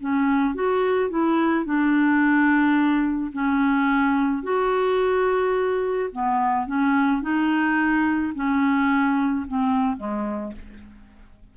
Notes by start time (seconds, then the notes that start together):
0.00 C#4
0.55 F#4
1.10 E4
1.65 D4
3.33 C#4
4.43 F#4
6.12 B3
6.66 C#4
7.22 D#4
8.35 C#4
9.47 C4
9.97 G#3